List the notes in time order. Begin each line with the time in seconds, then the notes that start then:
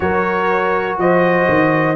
0.00 F#3 F#4 A#4 C#5
0.97 F3 C5 D#5
1.48 D#3